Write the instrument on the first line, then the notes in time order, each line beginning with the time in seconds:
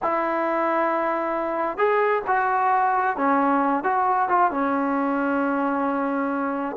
trombone
0.02 E4
1.77 G#4
2.27 F#4
3.16 C#4
3.83 F#4
4.28 F4
4.51 C#4